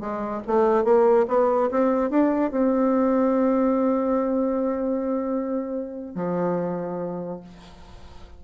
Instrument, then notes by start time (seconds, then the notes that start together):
bassoon
0.00 G#3
0.47 A3
0.84 A#3
1.28 B3
1.71 C4
2.10 D4
2.51 C4
6.15 F3